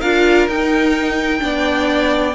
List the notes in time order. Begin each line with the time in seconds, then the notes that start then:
0.00 D4 F4 A#4 F5
0.47 D#4 G5
1.39 B3 D4 D5